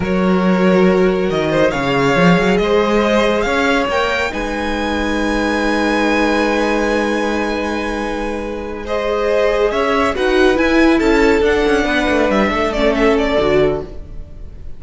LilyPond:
<<
  \new Staff \with { instrumentName = "violin" } { \time 4/4 \tempo 4 = 139 cis''2. dis''4 | f''2 dis''2 | f''4 g''4 gis''2~ | gis''1~ |
gis''1~ | gis''8 dis''2 e''4 fis''8~ | fis''8 gis''4 a''4 fis''4.~ | fis''8 e''4 d''8 e''8 d''4. | }
  \new Staff \with { instrumentName = "violin" } { \time 4/4 ais'2.~ ais'8 c''8 | cis''2 c''2 | cis''2 b'2~ | b'1~ |
b'1~ | b'8 c''2 cis''4 b'8~ | b'4. a'2 b'8~ | b'4 a'2. | }
  \new Staff \with { instrumentName = "viola" } { \time 4/4 fis'1 | gis'1~ | gis'4 ais'4 dis'2~ | dis'1~ |
dis'1~ | dis'8 gis'2. fis'8~ | fis'8 e'2 d'4.~ | d'4. cis'4. fis'4 | }
  \new Staff \with { instrumentName = "cello" } { \time 4/4 fis2. dis4 | cis4 f8 fis8 gis2 | cis'4 ais4 gis2~ | gis1~ |
gis1~ | gis2~ gis8 cis'4 dis'8~ | dis'8 e'4 cis'4 d'8 cis'8 b8 | a8 g8 a2 d4 | }
>>